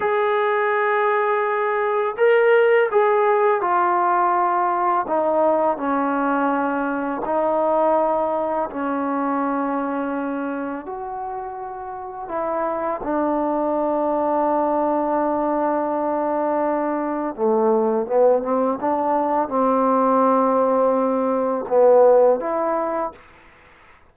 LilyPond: \new Staff \with { instrumentName = "trombone" } { \time 4/4 \tempo 4 = 83 gis'2. ais'4 | gis'4 f'2 dis'4 | cis'2 dis'2 | cis'2. fis'4~ |
fis'4 e'4 d'2~ | d'1 | a4 b8 c'8 d'4 c'4~ | c'2 b4 e'4 | }